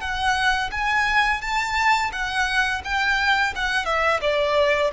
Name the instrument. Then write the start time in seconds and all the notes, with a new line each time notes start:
violin
0.00 F#5
0.71 G#5
1.41 A5
2.12 F#5
2.84 G5
3.55 F#5
3.85 E5
4.21 D5